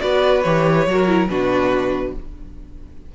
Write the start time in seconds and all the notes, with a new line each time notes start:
0.00 B3 F#4 B4 D5
0.42 E3 G4 C#5
0.87 F#3 F#4 A#4
1.08 E4
1.28 B2 D4 F#4 B4